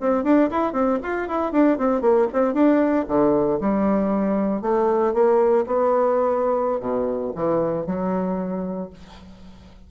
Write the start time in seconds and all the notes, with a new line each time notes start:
0.00 C4
0.24 D4
0.50 E4
0.73 C4
1.03 F4
1.28 E4
1.52 D4
1.78 C4
2.01 A#3
2.33 C4
2.53 D4
3.08 D3
3.60 G3
4.62 A3
5.13 A#3
5.66 B3
6.80 B2
7.35 E3
7.86 F#3